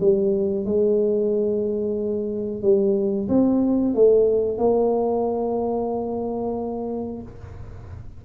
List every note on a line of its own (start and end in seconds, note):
0.00 0.65 G3
0.65 2.62 G#3
2.62 3.28 G3
3.28 3.94 C4
3.94 4.58 A3
4.58 7.22 A#3